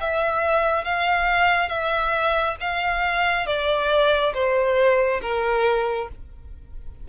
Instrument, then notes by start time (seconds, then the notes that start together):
violin
0.00 E5
0.84 F5
1.69 E5
2.60 F5
3.46 D5
4.34 C5
5.21 A#4